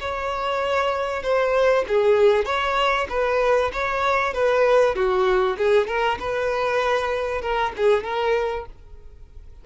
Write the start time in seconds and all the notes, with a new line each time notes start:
0.00 C#5
1.23 C5
1.88 G#4
2.45 C#5
3.10 B4
3.73 C#5
4.34 B4
4.95 F#4
5.58 G#4
5.87 A#4
6.20 B4
7.42 A#4
7.77 G#4
8.04 A#4